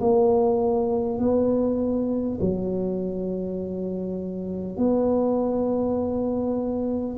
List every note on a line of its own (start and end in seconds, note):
0.00 1.19 A#3
1.19 2.39 B3
2.41 4.77 F#3
4.77 7.17 B3